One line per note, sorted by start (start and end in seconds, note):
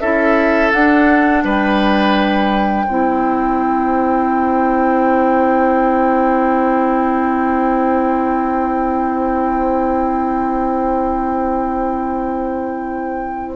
0.00 0.72 C#4
0.00 0.73 E4
0.00 1.44 A4
0.00 0.71 E5
0.72 2.87 D4
0.72 1.44 D4
0.72 1.44 F#5
1.44 2.87 G3
1.44 2.86 B4
1.44 13.56 G5
2.86 13.56 C4
2.86 13.56 E4
2.86 13.56 C5